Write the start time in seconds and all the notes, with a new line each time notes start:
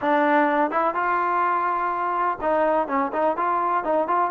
0.01 D4
0.71 E4
0.94 F4
2.41 D#4
2.87 C#4
3.12 D#4
3.36 F4
3.84 D#4
4.07 F4